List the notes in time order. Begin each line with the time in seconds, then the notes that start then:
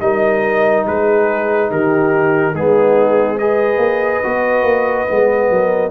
0.00 G3 D#4 A#4 D#5
0.86 G#3 G#4 B4
1.70 D#3 G4 A#4
2.53 G#3 B3 D#4 G#4
3.37 G#4 B4 D#5
3.76 A#3
4.23 B3 F#4
4.62 A#3
5.07 G#3 B3
5.50 F#3 A#4